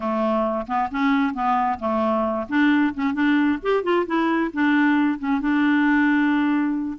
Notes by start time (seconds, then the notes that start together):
0.00 A3
0.67 B3
0.91 C#4
1.33 B3
1.79 A3
2.48 D4
2.94 C#4
3.13 D4
3.62 G4
3.83 F4
4.06 E4
4.53 D4
5.18 C#4
5.40 D4